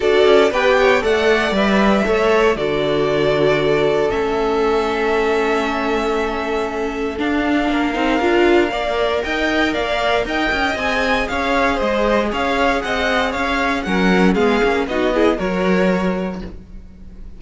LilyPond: <<
  \new Staff \with { instrumentName = "violin" } { \time 4/4 \tempo 4 = 117 d''4 g''4 fis''4 e''4~ | e''4 d''2. | e''1~ | e''2 f''2~ |
f''2 g''4 f''4 | g''4 gis''4 f''4 dis''4 | f''4 fis''4 f''4 fis''4 | f''4 dis''4 cis''2 | }
  \new Staff \with { instrumentName = "violin" } { \time 4/4 a'4 b'8 cis''8 d''2 | cis''4 a'2.~ | a'1~ | a'2. ais'4~ |
ais'4 d''4 dis''4 d''4 | dis''2 cis''4 c''4 | cis''4 dis''4 cis''4 ais'4 | gis'4 fis'8 gis'8 ais'2 | }
  \new Staff \with { instrumentName = "viola" } { \time 4/4 fis'4 g'4 a'4 b'4 | a'4 fis'2. | cis'1~ | cis'2 d'4. dis'8 |
f'4 ais'2.~ | ais'4 gis'2.~ | gis'2. cis'4 | b8 cis'8 dis'8 e'8 fis'2 | }
  \new Staff \with { instrumentName = "cello" } { \time 4/4 d'8 cis'8 b4 a4 g4 | a4 d2. | a1~ | a2 d'4 ais8 c'8 |
d'4 ais4 dis'4 ais4 | dis'8 cis'8 c'4 cis'4 gis4 | cis'4 c'4 cis'4 fis4 | gis8 ais8 b4 fis2 | }
>>